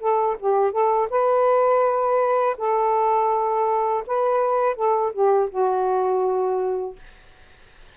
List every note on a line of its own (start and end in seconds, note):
0.00 0.37 A4
0.40 0.72 G4
0.72 1.08 A4
1.10 2.56 B4
2.57 4.04 A4
4.07 4.76 B4
4.76 5.12 A4
5.13 5.49 G4
5.50 6.96 F#4